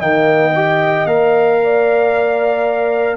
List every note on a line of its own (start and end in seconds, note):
0.00 1.05 D#3
0.00 0.54 A#3
0.00 1.58 D#5
0.00 1.07 G5
0.56 1.08 G4
1.05 3.16 A#3
1.05 3.17 A#4
1.05 3.17 F5
1.64 3.17 D5